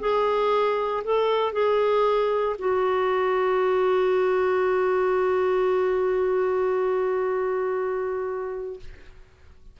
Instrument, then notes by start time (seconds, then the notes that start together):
clarinet
0.00 G#4
1.04 A4
1.53 G#4
2.59 F#4